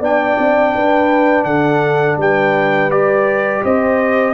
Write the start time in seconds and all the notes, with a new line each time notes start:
0.00 B3 D4 D5 G5
0.39 C4
0.75 D4 B4
1.44 D3 A4 F#5
2.17 G3 B4 G5
2.91 G4 D5
3.64 C4 C5 D#5